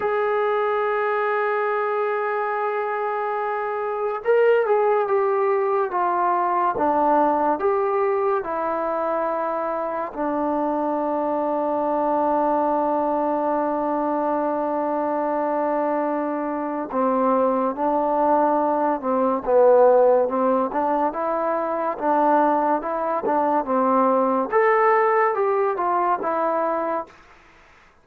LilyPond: \new Staff \with { instrumentName = "trombone" } { \time 4/4 \tempo 4 = 71 gis'1~ | gis'4 ais'8 gis'8 g'4 f'4 | d'4 g'4 e'2 | d'1~ |
d'1 | c'4 d'4. c'8 b4 | c'8 d'8 e'4 d'4 e'8 d'8 | c'4 a'4 g'8 f'8 e'4 | }